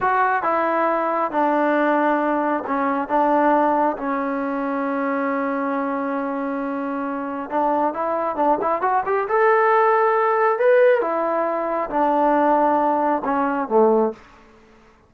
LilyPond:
\new Staff \with { instrumentName = "trombone" } { \time 4/4 \tempo 4 = 136 fis'4 e'2 d'4~ | d'2 cis'4 d'4~ | d'4 cis'2.~ | cis'1~ |
cis'4 d'4 e'4 d'8 e'8 | fis'8 g'8 a'2. | b'4 e'2 d'4~ | d'2 cis'4 a4 | }